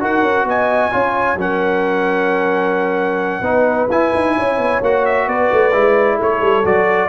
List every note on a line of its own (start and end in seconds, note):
0.00 0.22 D#4
0.00 0.91 F#4
0.00 0.48 A#4
0.00 0.49 F#5
0.22 0.44 C#4
0.44 0.90 B3
0.44 0.92 D#5
0.44 1.40 G#5
0.91 1.35 C#4
0.91 1.37 F4
0.91 1.38 C#5
1.35 3.41 F#3
1.35 3.43 C#4
1.35 3.44 A#4
1.35 3.91 F#5
3.41 3.87 B3
3.41 3.89 D#4
3.41 4.35 B4
3.90 4.13 E4
3.90 4.83 E4
3.90 4.82 G#5
4.15 4.38 D#4
4.36 4.58 C#4
4.36 5.28 C#5
4.58 4.81 B3
4.82 5.27 A#3
4.82 5.72 F#4
4.82 5.06 F#5
5.06 5.29 E5
5.27 5.50 B3
5.27 6.16 B4
5.27 6.21 D5
5.52 5.73 A3
5.72 6.19 G#3
5.72 6.64 E4
6.16 6.41 A3
6.16 7.08 A4
6.16 6.66 C#5
6.41 6.64 G3
6.65 7.09 F#3
6.65 7.09 F#4
6.65 7.09 D5